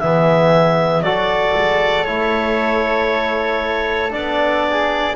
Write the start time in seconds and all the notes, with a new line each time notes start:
0.00 E3 B3 G#4 E5
1.00 F#3 F#4 A4 D5
1.56 G#3
2.04 A3 E4 C#5
4.09 B3 D4 D5
4.70 G#4